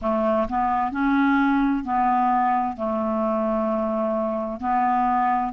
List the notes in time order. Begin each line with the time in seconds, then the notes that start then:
0.01 A3
0.48 B3
0.91 C#4
1.84 B3
2.76 A3
4.60 B3